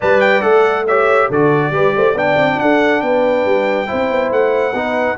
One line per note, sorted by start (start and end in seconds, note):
0.00 0.42 G3
0.00 0.40 B4
0.00 0.86 D5
0.00 0.20 A5
0.20 0.41 G5
0.40 1.29 A3
0.40 0.84 A4
0.40 0.84 F#5
0.87 1.32 G4
0.87 1.28 C#5
0.87 1.30 E5
1.28 1.70 D3
1.28 1.72 F#4
1.28 1.72 A4
1.28 2.17 D5
1.70 1.92 G3
1.70 2.15 G4
1.70 1.95 B4
1.95 2.14 A3
1.95 2.13 C5
2.13 2.36 B3
2.13 3.86 D4
2.13 2.56 D5
2.13 2.59 G5
2.36 2.58 C4
2.59 3.02 D4
2.59 3.02 A4
2.59 3.01 F#5
3.01 3.45 B3
3.01 3.88 B4
3.01 4.30 G5
3.45 3.88 G3
3.86 4.10 C4
3.86 4.73 E4
3.86 4.74 C5
4.10 4.31 B3
4.31 4.73 A3
4.31 5.17 F#5
4.73 5.16 B3
4.73 5.17 D#4
4.73 5.17 B4